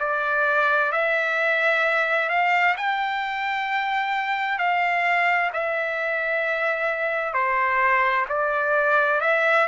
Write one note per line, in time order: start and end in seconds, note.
0.00 0.92 D5
0.92 2.30 E5
2.30 2.76 F5
2.77 4.59 G5
4.59 5.51 F5
5.54 7.34 E5
7.34 8.26 C5
8.29 9.21 D5
9.21 9.68 E5